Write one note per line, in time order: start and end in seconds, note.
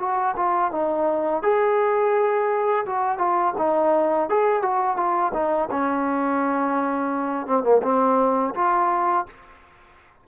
0.00 0.36 F#4
0.37 0.72 F4
0.72 1.43 D#4
1.43 2.86 G#4
2.86 3.19 F#4
3.19 3.54 F4
3.58 4.30 D#4
4.30 4.63 G#4
4.63 4.97 F#4
4.97 5.33 F4
5.34 5.69 D#4
5.71 7.47 C#4
7.47 7.64 C4
7.64 7.82 A#3
7.83 8.55 C4
8.55 9.27 F4